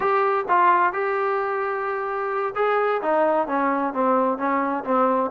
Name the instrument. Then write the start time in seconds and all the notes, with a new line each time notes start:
trombone
0.00 G4
0.48 F4
0.92 G4
2.55 G#4
3.02 D#4
3.47 C#4
3.93 C4
4.37 C#4
4.84 C4